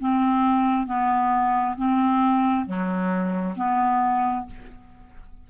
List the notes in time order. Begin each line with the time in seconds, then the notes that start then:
0.00 C4
0.86 B3
1.77 C4
2.66 F#3
3.57 B3